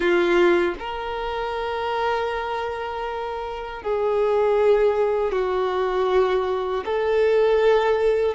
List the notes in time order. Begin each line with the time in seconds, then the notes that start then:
0.00 F4
0.79 A#4
3.83 G#4
5.32 F#4
6.85 A4